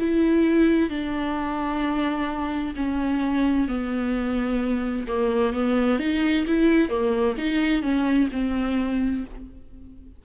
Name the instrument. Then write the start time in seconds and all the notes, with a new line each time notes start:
viola
0.00 E4
0.90 D4
2.77 C#4
3.68 B3
5.08 A#3
5.53 B3
6.00 D#4
6.47 E4
6.89 A#3
7.38 D#4
7.83 C#4
8.32 C4